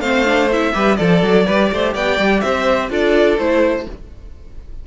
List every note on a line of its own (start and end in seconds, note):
0.00 0.72 A3
0.00 0.26 C4
0.00 0.74 C5
0.00 0.49 F5
0.26 0.49 D4
0.53 0.74 E4
0.53 0.97 E5
0.74 1.00 G3
0.74 0.98 G4
0.74 0.98 B4
0.97 1.23 F3
0.97 1.46 A4
0.97 1.47 A4
0.97 1.93 D5
1.23 1.47 F#3
1.47 1.73 G3
1.47 2.91 G4
1.47 1.71 B4
1.73 1.96 A3
1.73 1.94 C5
1.94 2.19 B3
1.94 2.42 D5
1.94 2.41 G5
2.19 2.43 G3
2.41 2.90 C4
2.41 2.91 C5
2.41 2.89 E5
2.90 3.38 D4
2.90 3.39 F4
2.90 3.87 A4
2.90 3.39 D5
3.39 3.87 A3
3.39 3.88 E4
3.39 3.87 C5